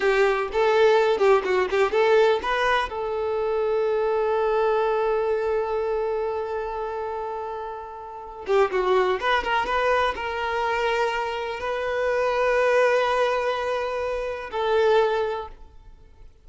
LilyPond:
\new Staff \with { instrumentName = "violin" } { \time 4/4 \tempo 4 = 124 g'4 a'4. g'8 fis'8 g'8 | a'4 b'4 a'2~ | a'1~ | a'1~ |
a'4. g'8 fis'4 b'8 ais'8 | b'4 ais'2. | b'1~ | b'2 a'2 | }